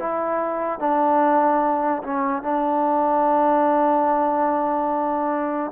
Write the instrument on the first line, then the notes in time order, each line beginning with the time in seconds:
trombone
0.00 E4
0.80 D4
2.04 C#4
2.43 D4